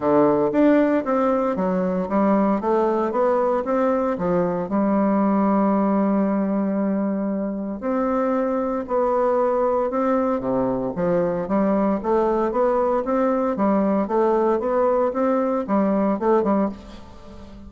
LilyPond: \new Staff \with { instrumentName = "bassoon" } { \time 4/4 \tempo 4 = 115 d4 d'4 c'4 fis4 | g4 a4 b4 c'4 | f4 g2.~ | g2. c'4~ |
c'4 b2 c'4 | c4 f4 g4 a4 | b4 c'4 g4 a4 | b4 c'4 g4 a8 g8 | }